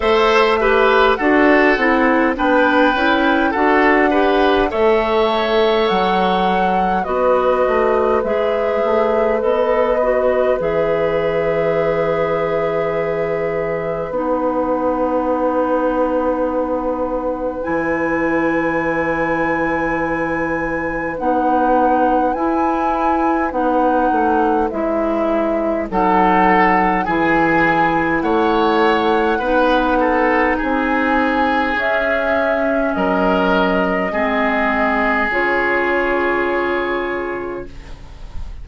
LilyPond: <<
  \new Staff \with { instrumentName = "flute" } { \time 4/4 \tempo 4 = 51 e''4 fis''4 g''4 fis''4 | e''4 fis''4 dis''4 e''4 | dis''4 e''2. | fis''2. gis''4~ |
gis''2 fis''4 gis''4 | fis''4 e''4 fis''4 gis''4 | fis''2 gis''4 e''4 | dis''2 cis''2 | }
  \new Staff \with { instrumentName = "oboe" } { \time 4/4 c''8 b'8 a'4 b'4 a'8 b'8 | cis''2 b'2~ | b'1~ | b'1~ |
b'1~ | b'2 a'4 gis'4 | cis''4 b'8 a'8 gis'2 | ais'4 gis'2. | }
  \new Staff \with { instrumentName = "clarinet" } { \time 4/4 a'8 g'8 fis'8 e'8 d'8 e'8 fis'8 g'8 | a'2 fis'4 gis'4 | a'8 fis'8 gis'2. | dis'2. e'4~ |
e'2 dis'4 e'4 | dis'4 e'4 dis'4 e'4~ | e'4 dis'2 cis'4~ | cis'4 c'4 f'2 | }
  \new Staff \with { instrumentName = "bassoon" } { \time 4/4 a4 d'8 c'8 b8 cis'8 d'4 | a4 fis4 b8 a8 gis8 a8 | b4 e2. | b2. e4~ |
e2 b4 e'4 | b8 a8 gis4 fis4 e4 | a4 b4 c'4 cis'4 | fis4 gis4 cis2 | }
>>